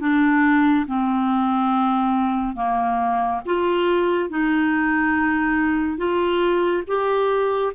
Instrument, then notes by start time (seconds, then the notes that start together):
clarinet
0.00 D4
0.87 C4
2.56 A#3
3.45 F4
4.29 D#4
5.97 F4
6.87 G4